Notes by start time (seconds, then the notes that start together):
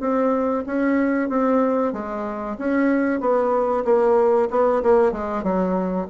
0.00 C4
0.66 C#4
1.29 C4
1.93 G#3
2.58 C#4
3.20 B3
3.85 A#3
4.51 B3
4.83 A#3
5.12 G#3
5.43 F#3